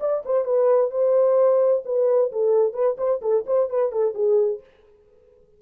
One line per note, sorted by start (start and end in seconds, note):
0.00 0.23 D5
0.25 0.45 C5
0.45 0.91 B4
0.91 1.83 C5
1.85 2.31 B4
2.32 2.73 A4
2.73 2.96 B4
2.97 3.20 C5
3.22 3.45 A4
3.46 3.69 C5
3.70 3.92 B4
3.92 4.14 A4
4.14 4.60 G#4